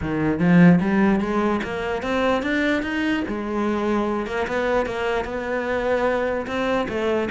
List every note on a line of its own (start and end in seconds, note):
0.01 0.39 D#3
0.39 0.79 F3
0.80 1.20 G3
1.20 1.60 G#3
1.63 2.02 A#3
2.02 2.42 C4
2.42 2.82 D4
2.82 3.23 D#4
3.27 4.26 G#3
4.26 4.46 A#3
4.47 4.86 B3
4.86 5.24 A#3
5.24 6.46 B3
6.46 6.87 C4
6.88 7.29 A3